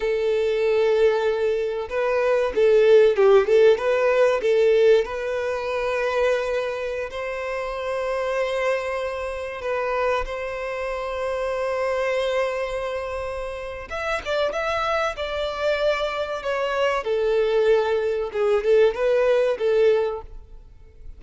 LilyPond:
\new Staff \with { instrumentName = "violin" } { \time 4/4 \tempo 4 = 95 a'2. b'4 | a'4 g'8 a'8 b'4 a'4 | b'2.~ b'16 c''8.~ | c''2.~ c''16 b'8.~ |
b'16 c''2.~ c''8.~ | c''2 e''8 d''8 e''4 | d''2 cis''4 a'4~ | a'4 gis'8 a'8 b'4 a'4 | }